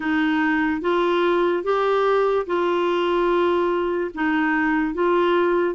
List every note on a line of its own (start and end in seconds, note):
0.00 0.81 D#4
0.81 1.63 F4
1.63 2.45 G4
2.46 4.10 F4
4.14 4.94 D#4
4.94 5.75 F4